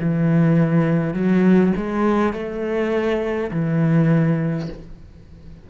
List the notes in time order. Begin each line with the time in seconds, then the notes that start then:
0.00 E3
1.13 F#3
1.76 G#3
2.33 A3
3.51 E3